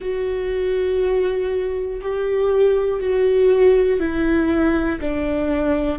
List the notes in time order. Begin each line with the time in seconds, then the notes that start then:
0.00 F#4
2.01 G4
3.00 F#4
4.00 E4
5.00 D4